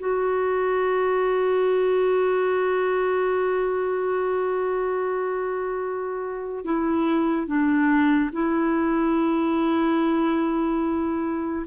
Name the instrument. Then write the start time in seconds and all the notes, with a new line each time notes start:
clarinet
0.00 F#4
6.65 E4
7.47 D4
8.33 E4